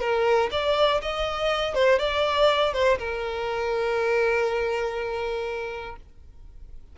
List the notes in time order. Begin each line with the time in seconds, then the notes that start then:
0.00 A#4
0.52 D5
1.02 D#5
1.75 C5
1.99 D5
2.73 C5
2.99 A#4